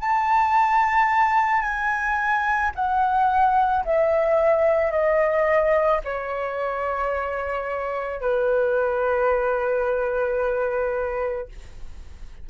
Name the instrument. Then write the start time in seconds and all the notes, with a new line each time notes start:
flute
0.00 A5
1.62 G#5
2.75 F#5
3.84 E5
4.91 D#5
6.04 C#5
8.21 B4